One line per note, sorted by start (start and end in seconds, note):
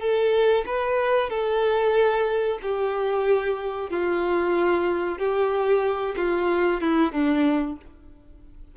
0.00 0.65 A4
0.66 1.30 B4
1.30 2.59 A4
2.62 3.90 G4
3.90 5.18 F4
5.18 6.15 G4
6.16 6.81 F4
6.81 7.12 E4
7.12 7.76 D4